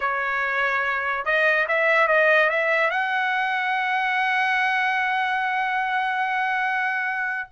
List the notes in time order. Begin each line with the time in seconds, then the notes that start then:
0.00 C#5
1.25 D#5
1.68 E5
2.07 D#5
2.49 E5
2.90 F#5